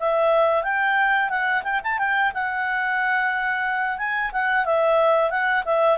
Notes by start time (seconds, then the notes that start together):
0.00 E5
0.64 G5
1.30 F#5
1.64 G5
1.84 A5
1.99 G5
2.34 F#5
3.98 G#5
4.33 F#5
4.66 E5
5.31 F#5
5.65 E5